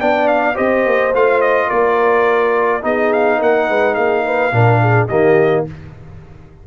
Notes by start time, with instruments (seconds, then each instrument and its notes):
0.00 tuba B3, trombone D4, horn D5, trumpet G5
0.28 trumpet F5
0.55 tuba C4, trombone G4, horn C5, trumpet D#5
0.86 tuba A#3
1.13 tuba A3, trombone F4, trumpet F5
1.41 trumpet D#5
1.67 tuba A#3, horn A#4, trumpet D5
2.82 tuba B3, trombone D#4, horn G#4, trumpet D#5
3.13 trumpet F5
3.38 tuba A#3, horn A#4, trumpet F#5
3.69 tuba G#3, horn B4
3.95 tuba A#3, horn G#4, trumpet F5
4.26 horn B4
4.52 tuba A#2, trombone D4, horn A#4
4.81 horn G#4
5.08 tuba D#3, trombone A#3, horn G4, trumpet D#5